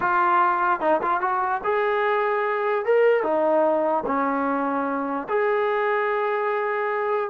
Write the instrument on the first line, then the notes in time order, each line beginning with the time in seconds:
trombone
0.00 F4
0.80 D#4
1.02 F4
1.20 F#4
1.64 G#4
2.85 A#4
3.23 D#4
4.06 C#4
5.28 G#4